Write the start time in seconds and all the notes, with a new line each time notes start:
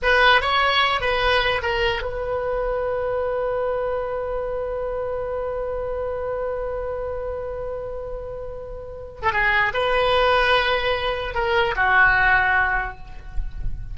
0.02 B4
0.41 C#5
1.00 B4
1.62 A#4
2.02 B4
9.22 A4
9.32 G#4
9.73 B4
11.34 A#4
11.76 F#4